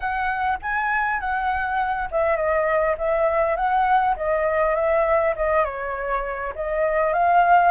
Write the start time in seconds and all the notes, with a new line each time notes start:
0.00 F#5
0.62 G#5
1.19 F#5
2.11 E5
2.36 D#5
2.98 E5
3.55 F#5
4.16 D#5
4.75 E5
5.35 D#5
5.64 C#5
6.55 D#5
7.13 F5